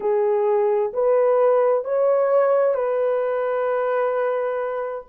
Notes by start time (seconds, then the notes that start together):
0.00 G#4
0.93 B4
1.84 C#5
2.74 B4